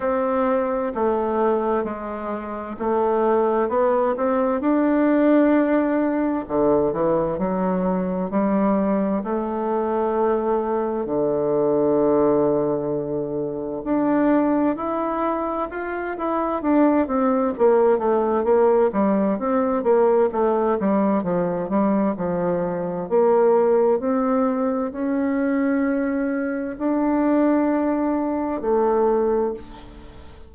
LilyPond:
\new Staff \with { instrumentName = "bassoon" } { \time 4/4 \tempo 4 = 65 c'4 a4 gis4 a4 | b8 c'8 d'2 d8 e8 | fis4 g4 a2 | d2. d'4 |
e'4 f'8 e'8 d'8 c'8 ais8 a8 | ais8 g8 c'8 ais8 a8 g8 f8 g8 | f4 ais4 c'4 cis'4~ | cis'4 d'2 a4 | }